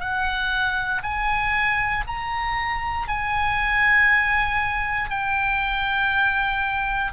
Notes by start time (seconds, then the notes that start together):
0.00 F#5
1.03 G#5
2.07 A#5
3.08 G#5
5.10 G5